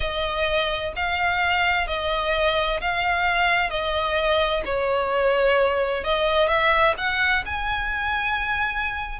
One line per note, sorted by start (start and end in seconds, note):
0.00 0.93 D#5
0.96 1.87 F5
1.87 2.80 D#5
2.80 3.70 F5
3.70 4.63 D#5
4.65 6.04 C#5
6.04 6.48 D#5
6.48 6.94 E5
6.97 7.44 F#5
7.45 9.19 G#5